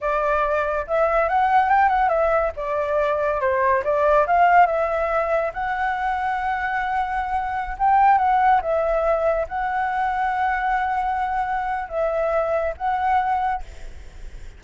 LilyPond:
\new Staff \with { instrumentName = "flute" } { \time 4/4 \tempo 4 = 141 d''2 e''4 fis''4 | g''8 fis''8 e''4 d''2 | c''4 d''4 f''4 e''4~ | e''4 fis''2.~ |
fis''2~ fis''16 g''4 fis''8.~ | fis''16 e''2 fis''4.~ fis''16~ | fis''1 | e''2 fis''2 | }